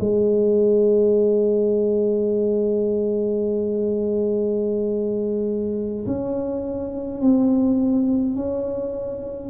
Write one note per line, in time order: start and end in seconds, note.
0.00 6.06 G#3
6.06 7.21 C#4
7.21 8.36 C4
8.36 9.50 C#4